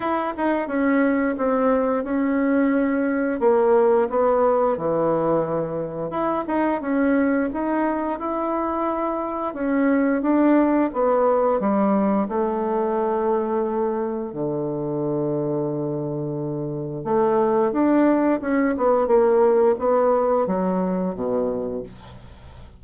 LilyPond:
\new Staff \with { instrumentName = "bassoon" } { \time 4/4 \tempo 4 = 88 e'8 dis'8 cis'4 c'4 cis'4~ | cis'4 ais4 b4 e4~ | e4 e'8 dis'8 cis'4 dis'4 | e'2 cis'4 d'4 |
b4 g4 a2~ | a4 d2.~ | d4 a4 d'4 cis'8 b8 | ais4 b4 fis4 b,4 | }